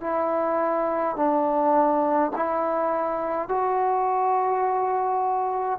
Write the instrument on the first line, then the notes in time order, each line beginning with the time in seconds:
trombone
0.00 E4
1.15 D4
2.35 E4
3.48 F#4